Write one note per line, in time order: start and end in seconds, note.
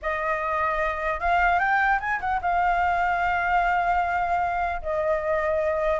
0.02 1.20 D#5
1.20 1.59 F5
1.59 1.99 G5
1.99 2.19 G#5
2.20 2.40 F#5
2.41 4.81 F5
4.81 6.00 D#5